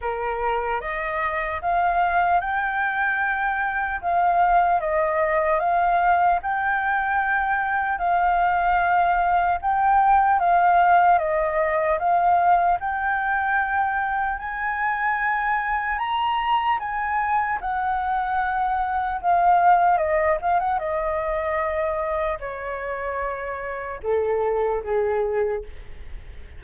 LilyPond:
\new Staff \with { instrumentName = "flute" } { \time 4/4 \tempo 4 = 75 ais'4 dis''4 f''4 g''4~ | g''4 f''4 dis''4 f''4 | g''2 f''2 | g''4 f''4 dis''4 f''4 |
g''2 gis''2 | ais''4 gis''4 fis''2 | f''4 dis''8 f''16 fis''16 dis''2 | cis''2 a'4 gis'4 | }